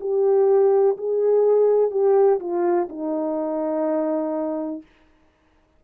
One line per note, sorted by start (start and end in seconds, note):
0.00 0.97 G4
0.97 1.91 G#4
1.91 2.39 G4
2.40 2.88 F4
2.89 4.82 D#4